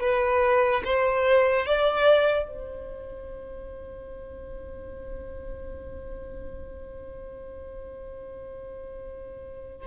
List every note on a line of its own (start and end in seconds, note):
0.00 0.82 B4
0.84 1.66 C5
1.66 2.47 D5
2.47 9.86 C5